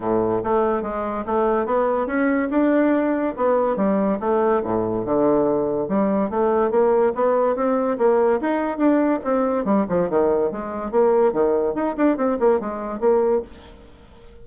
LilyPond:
\new Staff \with { instrumentName = "bassoon" } { \time 4/4 \tempo 4 = 143 a,4 a4 gis4 a4 | b4 cis'4 d'2 | b4 g4 a4 a,4 | d2 g4 a4 |
ais4 b4 c'4 ais4 | dis'4 d'4 c'4 g8 f8 | dis4 gis4 ais4 dis4 | dis'8 d'8 c'8 ais8 gis4 ais4 | }